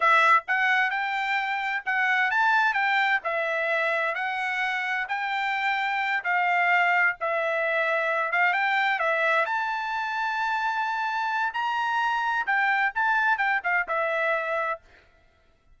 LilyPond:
\new Staff \with { instrumentName = "trumpet" } { \time 4/4 \tempo 4 = 130 e''4 fis''4 g''2 | fis''4 a''4 g''4 e''4~ | e''4 fis''2 g''4~ | g''4. f''2 e''8~ |
e''2 f''8 g''4 e''8~ | e''8 a''2.~ a''8~ | a''4 ais''2 g''4 | a''4 g''8 f''8 e''2 | }